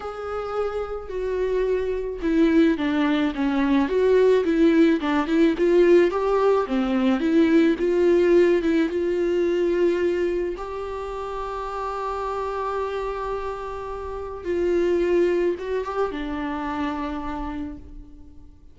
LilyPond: \new Staff \with { instrumentName = "viola" } { \time 4/4 \tempo 4 = 108 gis'2 fis'2 | e'4 d'4 cis'4 fis'4 | e'4 d'8 e'8 f'4 g'4 | c'4 e'4 f'4. e'8 |
f'2. g'4~ | g'1~ | g'2 f'2 | fis'8 g'8 d'2. | }